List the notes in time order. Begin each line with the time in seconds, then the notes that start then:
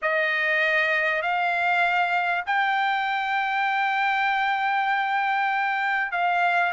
0.01 D#5
1.21 F5
2.45 G5
6.11 F5